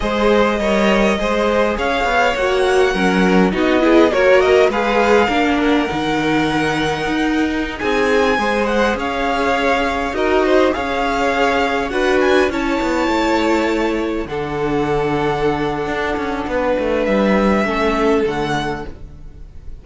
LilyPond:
<<
  \new Staff \with { instrumentName = "violin" } { \time 4/4 \tempo 4 = 102 dis''2. f''4 | fis''2 dis''4 cis''8 dis''8 | f''4. fis''2~ fis''8~ | fis''4~ fis''16 gis''4. fis''8 f''8.~ |
f''4~ f''16 dis''4 f''4.~ f''16~ | f''16 fis''8 gis''8 a''2~ a''8.~ | a''16 fis''2.~ fis''8.~ | fis''4 e''2 fis''4 | }
  \new Staff \with { instrumentName = "violin" } { \time 4/4 c''4 cis''4 c''4 cis''4~ | cis''4 ais'4 fis'8 gis'8 ais'4 | b'4 ais'2.~ | ais'4~ ais'16 gis'4 c''4 cis''8.~ |
cis''4~ cis''16 ais'8 c''8 cis''4.~ cis''16~ | cis''16 b'4 cis''2~ cis''8.~ | cis''16 a'2.~ a'8. | b'2 a'2 | }
  \new Staff \with { instrumentName = "viola" } { \time 4/4 gis'4 ais'4 gis'2 | fis'4 cis'4 dis'8 e'8 fis'4 | gis'4 d'4 dis'2~ | dis'2~ dis'16 gis'4.~ gis'16~ |
gis'4~ gis'16 fis'4 gis'4.~ gis'16~ | gis'16 fis'4 e'2~ e'8.~ | e'16 d'2.~ d'8.~ | d'2 cis'4 a4 | }
  \new Staff \with { instrumentName = "cello" } { \time 4/4 gis4 g4 gis4 cis'8 b8 | ais4 fis4 b4 ais4 | gis4 ais4 dis2 | dis'4~ dis'16 c'4 gis4 cis'8.~ |
cis'4~ cis'16 dis'4 cis'4.~ cis'16~ | cis'16 d'4 cis'8 b8 a4.~ a16~ | a16 d2~ d8. d'8 cis'8 | b8 a8 g4 a4 d4 | }
>>